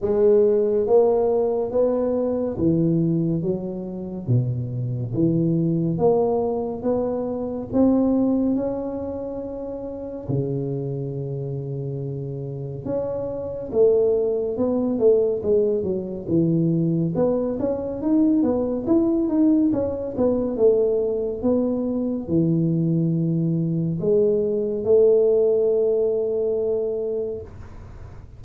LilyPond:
\new Staff \with { instrumentName = "tuba" } { \time 4/4 \tempo 4 = 70 gis4 ais4 b4 e4 | fis4 b,4 e4 ais4 | b4 c'4 cis'2 | cis2. cis'4 |
a4 b8 a8 gis8 fis8 e4 | b8 cis'8 dis'8 b8 e'8 dis'8 cis'8 b8 | a4 b4 e2 | gis4 a2. | }